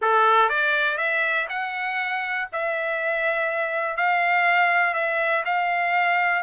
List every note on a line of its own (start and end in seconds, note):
0.01 0.49 A4
0.49 0.97 D5
0.97 1.47 E5
1.49 2.48 F#5
2.52 3.96 E5
3.96 4.94 F5
4.94 5.43 E5
5.45 6.42 F5